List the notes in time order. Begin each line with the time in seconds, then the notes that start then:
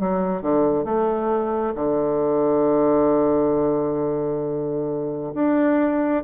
0.00 F#3
0.42 D3
0.85 A3
1.75 D3
5.34 D4